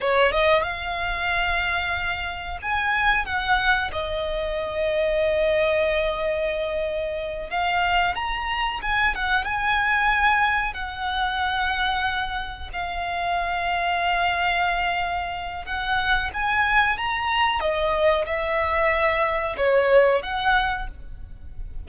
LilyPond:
\new Staff \with { instrumentName = "violin" } { \time 4/4 \tempo 4 = 92 cis''8 dis''8 f''2. | gis''4 fis''4 dis''2~ | dis''2.~ dis''8 f''8~ | f''8 ais''4 gis''8 fis''8 gis''4.~ |
gis''8 fis''2. f''8~ | f''1 | fis''4 gis''4 ais''4 dis''4 | e''2 cis''4 fis''4 | }